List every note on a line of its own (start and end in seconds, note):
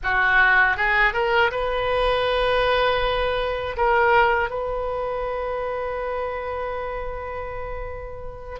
0.03 0.77 F#4
0.77 1.13 G#4
1.13 1.50 A#4
1.51 3.76 B4
3.76 4.50 A#4
4.50 8.59 B4